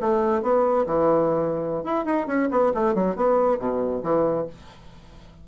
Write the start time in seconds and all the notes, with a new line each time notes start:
0.00 A3
0.42 B3
0.86 E3
1.84 E4
2.05 D#4
2.27 C#4
2.51 B3
2.74 A3
2.94 F#3
3.16 B3
3.59 B2
4.03 E3